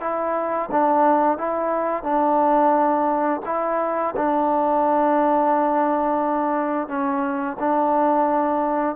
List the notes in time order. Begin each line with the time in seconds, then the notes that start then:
0.00 E4
0.71 D4
1.37 E4
2.03 D4
3.45 E4
4.16 D4
6.87 C#4
7.59 D4